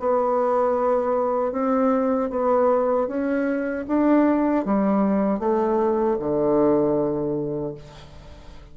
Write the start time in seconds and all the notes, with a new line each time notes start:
0.00 B3
1.52 C4
2.30 B3
3.08 C#4
3.87 D4
4.65 G3
5.39 A3
6.19 D3